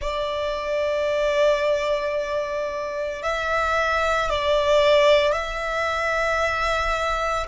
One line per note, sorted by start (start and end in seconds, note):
0.01 3.22 D5
3.22 4.29 E5
4.29 5.32 D5
5.32 7.46 E5